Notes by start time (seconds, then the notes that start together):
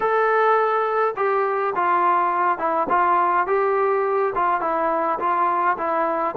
0.00 A4
1.16 G4
1.75 F4
2.58 E4
2.89 F4
3.46 G4
4.35 F4
4.60 E4
5.19 F4
5.77 E4